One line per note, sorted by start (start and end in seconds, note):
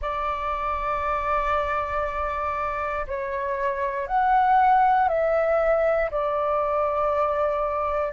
0.01 3.06 D5
3.07 4.07 C#5
4.07 5.08 F#5
5.08 6.10 E5
6.10 8.13 D5